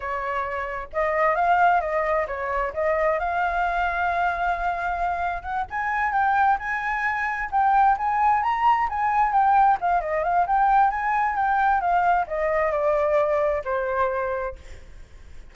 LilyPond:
\new Staff \with { instrumentName = "flute" } { \time 4/4 \tempo 4 = 132 cis''2 dis''4 f''4 | dis''4 cis''4 dis''4 f''4~ | f''1 | fis''8 gis''4 g''4 gis''4.~ |
gis''8 g''4 gis''4 ais''4 gis''8~ | gis''8 g''4 f''8 dis''8 f''8 g''4 | gis''4 g''4 f''4 dis''4 | d''2 c''2 | }